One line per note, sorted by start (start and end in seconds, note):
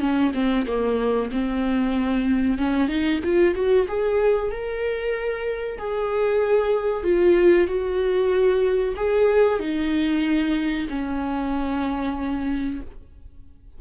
0.00 0.32 C#4
0.34 0.66 C4
0.67 1.31 A#3
1.32 2.58 C4
2.58 2.88 C#4
2.88 3.20 D#4
3.24 3.55 F4
3.55 3.87 F#4
3.88 4.51 G#4
4.51 5.79 A#4
5.79 7.04 G#4
7.04 7.67 F4
7.67 8.95 F#4
8.97 9.60 G#4
9.60 10.87 D#4
10.89 12.81 C#4